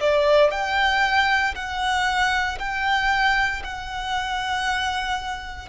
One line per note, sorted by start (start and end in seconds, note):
0.00 0.51 D5
0.51 1.54 G5
1.55 2.58 F#5
2.59 3.62 G5
3.64 5.68 F#5